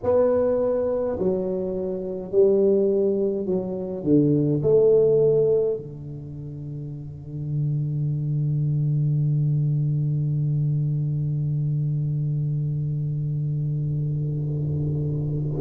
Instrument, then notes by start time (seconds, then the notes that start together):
tuba
0.03 B3
1.19 F#3
2.31 G3
3.46 F#3
4.03 D3
4.62 A3
5.77 D3